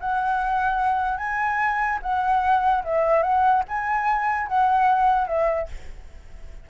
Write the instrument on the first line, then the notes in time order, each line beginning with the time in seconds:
flute
0.00 F#5
1.17 G#5
2.02 F#5
2.84 E5
3.22 F#5
3.68 G#5
4.47 F#5
5.27 E5